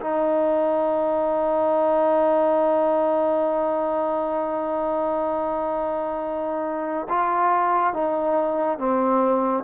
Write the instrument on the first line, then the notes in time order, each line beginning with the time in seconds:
trombone
0.00 D#4
7.09 F4
7.93 D#4
8.78 C4